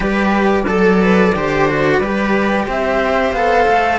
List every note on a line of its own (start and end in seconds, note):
0.00 0.65 G3
0.00 0.63 G4
0.00 0.66 B4
0.00 2.68 D5
0.67 1.34 F#3
0.67 1.00 A4
0.67 1.34 A4
1.00 1.34 B4
1.35 2.00 D3
1.35 1.68 G4
1.35 1.98 C5
1.68 2.02 F#4
1.98 2.66 G3
1.98 3.36 G4
1.98 2.65 B4
2.66 3.32 C4
2.66 3.98 C5
2.66 3.32 E5
3.32 3.65 B3
3.32 3.98 A4
3.32 3.98 F5
3.67 3.98 A3